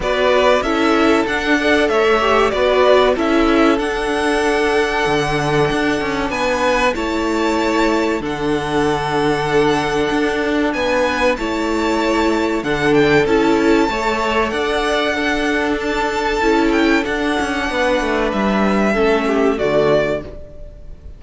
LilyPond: <<
  \new Staff \with { instrumentName = "violin" } { \time 4/4 \tempo 4 = 95 d''4 e''4 fis''4 e''4 | d''4 e''4 fis''2~ | fis''2 gis''4 a''4~ | a''4 fis''2.~ |
fis''4 gis''4 a''2 | fis''8 g''8 a''2 fis''4~ | fis''4 a''4. g''8 fis''4~ | fis''4 e''2 d''4 | }
  \new Staff \with { instrumentName = "violin" } { \time 4/4 b'4 a'4. d''8 cis''4 | b'4 a'2.~ | a'2 b'4 cis''4~ | cis''4 a'2.~ |
a'4 b'4 cis''2 | a'2 cis''4 d''4 | a'1 | b'2 a'8 g'8 fis'4 | }
  \new Staff \with { instrumentName = "viola" } { \time 4/4 fis'4 e'4 d'8 a'4 g'8 | fis'4 e'4 d'2~ | d'2. e'4~ | e'4 d'2.~ |
d'2 e'2 | d'4 e'4 a'2 | d'2 e'4 d'4~ | d'2 cis'4 a4 | }
  \new Staff \with { instrumentName = "cello" } { \time 4/4 b4 cis'4 d'4 a4 | b4 cis'4 d'2 | d4 d'8 cis'8 b4 a4~ | a4 d2. |
d'4 b4 a2 | d4 cis'4 a4 d'4~ | d'2 cis'4 d'8 cis'8 | b8 a8 g4 a4 d4 | }
>>